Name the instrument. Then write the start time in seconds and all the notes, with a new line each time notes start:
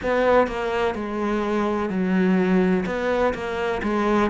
cello
0.03 B3
0.47 A#3
0.94 G#3
1.89 F#3
2.86 B3
3.33 A#3
3.83 G#3